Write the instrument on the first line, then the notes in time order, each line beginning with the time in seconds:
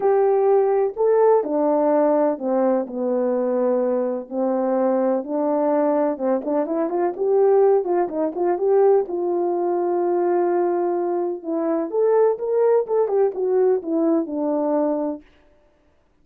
horn
0.00 G4
0.96 A4
1.43 D4
2.38 C4
2.87 B3
4.29 C4
5.23 D4
6.17 C4
6.45 D4
6.65 E4
6.89 F4
7.16 G4
7.84 F4
8.08 D#4
8.35 F4
8.58 G4
9.08 F4
11.42 E4
11.90 A4
12.38 A#4
12.86 A4
13.07 G4
13.34 F#4
13.82 E4
14.26 D4